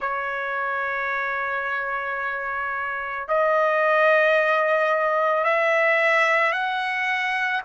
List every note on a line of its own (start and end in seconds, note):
0.00 3.27 C#5
3.27 5.43 D#5
5.43 6.52 E5
6.52 7.61 F#5